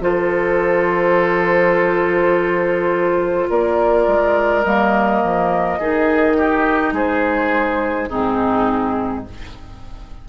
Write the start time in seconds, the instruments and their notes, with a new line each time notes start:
0.00 bassoon F3, clarinet F4, oboe A4, flute C5
3.50 bassoon A#3, oboe A#4, flute D5
4.07 bassoon G#3
4.63 bassoon G3, clarinet A#3, flute D#5
5.24 bassoon F3
5.79 bassoon D#3, clarinet D#4, oboe G#4
6.37 oboe G4
6.92 bassoon G#3, oboe G#4, flute C5
8.09 bassoon G#2, clarinet C4, oboe D#4, flute G#4